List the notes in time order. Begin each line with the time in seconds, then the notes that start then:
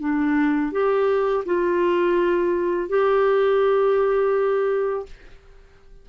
0.00 D4
0.72 G4
1.46 F4
2.89 G4